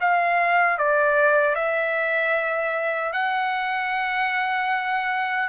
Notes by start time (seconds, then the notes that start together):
0.00 F5
0.78 D5
1.55 E5
3.13 F#5